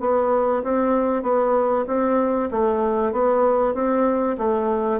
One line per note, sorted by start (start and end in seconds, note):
0.00 0.62 B3
0.63 1.22 C4
1.22 1.85 B3
1.87 2.49 C4
2.51 3.12 A3
3.12 3.74 B3
3.74 4.36 C4
4.38 5.00 A3